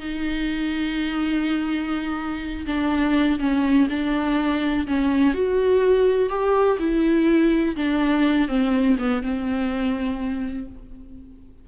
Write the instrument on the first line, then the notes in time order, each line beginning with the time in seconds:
viola
0.00 D#4
2.67 D4
3.40 C#4
3.90 D4
4.87 C#4
5.34 F#4
6.30 G4
6.79 E4
7.76 D4
8.49 C4
8.99 B3
9.23 C4